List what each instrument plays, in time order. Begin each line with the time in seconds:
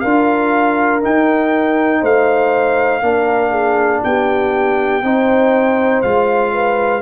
0.00 tuba D4, trombone F4, horn A#4, trumpet F5
1.02 trombone D#4, tuba D#4, trumpet G5
2.01 tuba A3, horn C5, trumpet F5
3.02 tuba A#3, trombone D4, horn A#4
3.50 horn G#4
4.04 tuba B3, horn G4, trumpet G5
5.03 tuba C4, trombone D#4, horn C5
6.02 tuba G#3, trombone F4, trumpet F5
6.53 horn B4